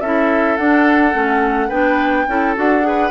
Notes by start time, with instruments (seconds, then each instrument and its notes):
0.00 bassoon C#4, clarinet E4, oboe A4, flute E5
0.57 clarinet D4, bassoon D4, flute F#5
1.12 bassoon A3, clarinet C#4
1.68 bassoon B3, clarinet D4, oboe B4, flute G5
2.27 bassoon C#4, clarinet E4, oboe A4
2.55 bassoon D4, clarinet F#4, flute F#5
2.82 clarinet G#4, oboe B4